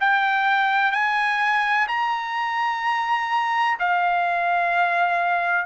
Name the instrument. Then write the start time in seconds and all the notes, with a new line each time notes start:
trumpet
0.00 G5
0.92 G#5
1.87 A#5
3.79 F5